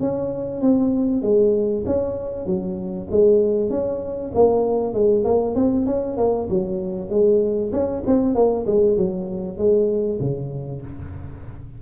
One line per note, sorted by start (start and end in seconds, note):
0.00 0.61 C#4
0.61 1.22 C4
1.22 1.84 G#3
1.86 2.46 C#4
2.46 3.08 F#3
3.11 3.70 G#3
3.70 4.32 C#4
4.34 4.93 A#3
4.93 5.24 G#3
5.24 5.55 A#3
5.55 5.86 C4
5.86 6.17 C#4
6.17 6.48 A#3
6.49 7.09 F#3
7.09 7.71 G#3
7.72 8.03 C#4
8.06 8.34 C4
8.34 8.65 A#3
8.66 8.97 G#3
8.97 9.58 F#3
9.58 10.19 G#3
10.20 10.82 C#3